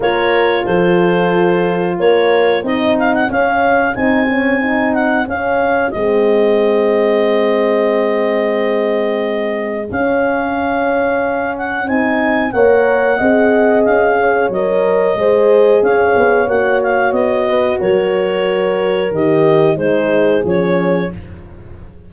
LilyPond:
<<
  \new Staff \with { instrumentName = "clarinet" } { \time 4/4 \tempo 4 = 91 cis''4 c''2 cis''4 | dis''8 f''16 fis''16 f''4 gis''4. fis''8 | f''4 dis''2.~ | dis''2. f''4~ |
f''4. fis''8 gis''4 fis''4~ | fis''4 f''4 dis''2 | f''4 fis''8 f''8 dis''4 cis''4~ | cis''4 dis''4 c''4 cis''4 | }
  \new Staff \with { instrumentName = "horn" } { \time 4/4 ais'4 a'2 ais'4 | gis'1~ | gis'1~ | gis'1~ |
gis'2. cis''4 | dis''4. cis''4. c''4 | cis''2~ cis''8 b'8 ais'4~ | ais'2 gis'2 | }
  \new Staff \with { instrumentName = "horn" } { \time 4/4 f'1 | dis'4 cis'4 dis'8 cis'8 dis'4 | cis'4 c'2.~ | c'2. cis'4~ |
cis'2 dis'4 ais'4 | gis'2 ais'4 gis'4~ | gis'4 fis'2.~ | fis'4 g'4 dis'4 cis'4 | }
  \new Staff \with { instrumentName = "tuba" } { \time 4/4 ais4 f2 ais4 | c'4 cis'4 c'2 | cis'4 gis2.~ | gis2. cis'4~ |
cis'2 c'4 ais4 | c'4 cis'4 fis4 gis4 | cis'8 b8 ais4 b4 fis4~ | fis4 dis4 gis4 f4 | }
>>